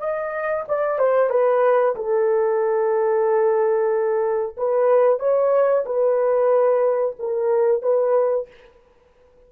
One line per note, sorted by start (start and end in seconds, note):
0.00 0.65 D#5
0.68 0.99 D5
0.99 1.30 C5
1.30 1.95 B4
1.96 4.57 A4
4.57 5.20 B4
5.20 5.85 C#5
5.86 7.16 B4
7.19 7.83 A#4
7.83 8.48 B4